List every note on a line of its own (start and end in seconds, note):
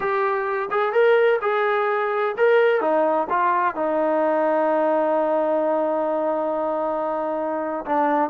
0.00 0.69 G4
0.70 0.92 G#4
0.92 1.39 A#4
1.41 2.35 G#4
2.37 2.80 A#4
2.80 3.27 D#4
3.29 3.75 F4
3.75 7.85 D#4
7.85 8.30 D4